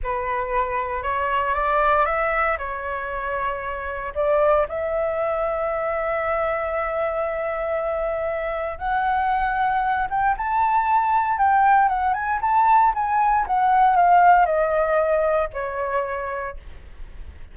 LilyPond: \new Staff \with { instrumentName = "flute" } { \time 4/4 \tempo 4 = 116 b'2 cis''4 d''4 | e''4 cis''2. | d''4 e''2.~ | e''1~ |
e''4 fis''2~ fis''8 g''8 | a''2 g''4 fis''8 gis''8 | a''4 gis''4 fis''4 f''4 | dis''2 cis''2 | }